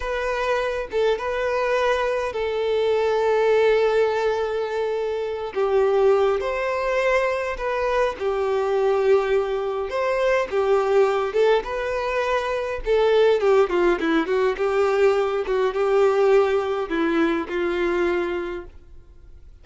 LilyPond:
\new Staff \with { instrumentName = "violin" } { \time 4/4 \tempo 4 = 103 b'4. a'8 b'2 | a'1~ | a'4. g'4. c''4~ | c''4 b'4 g'2~ |
g'4 c''4 g'4. a'8 | b'2 a'4 g'8 f'8 | e'8 fis'8 g'4. fis'8 g'4~ | g'4 e'4 f'2 | }